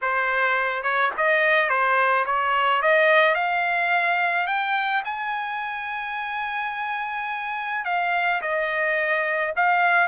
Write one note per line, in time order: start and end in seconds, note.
0.01 0.83 C5
0.83 1.11 C#5
1.17 1.69 D#5
1.69 2.25 C5
2.25 2.81 C#5
2.82 3.34 D#5
3.34 4.47 F5
4.47 5.03 G5
5.04 7.85 G#5
7.85 8.41 F5
8.41 9.53 D#5
9.56 10.07 F5